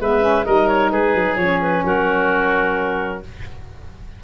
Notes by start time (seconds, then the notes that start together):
0.00 G#3 B3 B4 E5
0.21 C#4
0.45 G3 D#4 A#4 D#5
0.67 C#5
0.91 G#3 G#4 B4
1.15 F#3
1.36 F3 C#4 C#5
1.62 B4
1.84 F#3 F#4 A#4